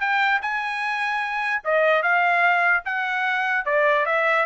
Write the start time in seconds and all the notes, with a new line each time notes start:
0.00 G5
0.42 G#5
1.64 D#5
2.02 F5
2.85 F#5
3.65 D5
4.05 E5